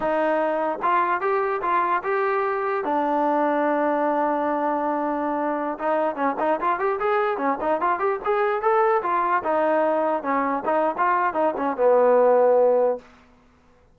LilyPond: \new Staff \with { instrumentName = "trombone" } { \time 4/4 \tempo 4 = 148 dis'2 f'4 g'4 | f'4 g'2 d'4~ | d'1~ | d'2~ d'16 dis'4 cis'8 dis'16~ |
dis'16 f'8 g'8 gis'4 cis'8 dis'8 f'8 g'16~ | g'16 gis'4 a'4 f'4 dis'8.~ | dis'4~ dis'16 cis'4 dis'8. f'4 | dis'8 cis'8 b2. | }